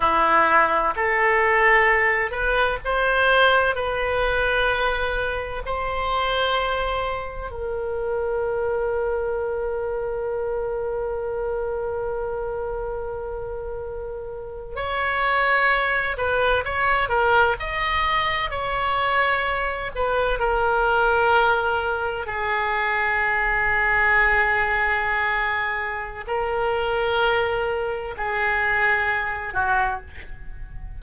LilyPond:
\new Staff \with { instrumentName = "oboe" } { \time 4/4 \tempo 4 = 64 e'4 a'4. b'8 c''4 | b'2 c''2 | ais'1~ | ais'2.~ ais'8. cis''16~ |
cis''4~ cis''16 b'8 cis''8 ais'8 dis''4 cis''16~ | cis''4~ cis''16 b'8 ais'2 gis'16~ | gis'1 | ais'2 gis'4. fis'8 | }